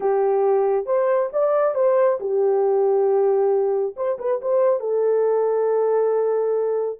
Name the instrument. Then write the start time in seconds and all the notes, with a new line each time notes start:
horn
0.00 G4
0.86 C5
1.33 D5
1.75 C5
2.20 G4
3.96 C5
4.18 B4
4.41 C5
4.80 A4